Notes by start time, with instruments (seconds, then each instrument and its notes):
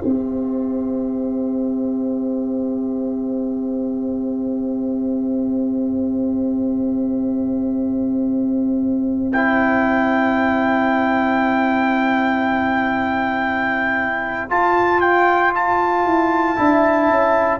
0.00 tuba C4, trombone G4, horn C5, trumpet E5
9.32 trombone E4, trumpet G5
14.49 trombone F4, tuba F4, trumpet A5
15.00 trumpet G5
15.54 trumpet A5
16.05 tuba E4
16.56 tuba D4, trombone E4, horn E5
17.09 tuba C#4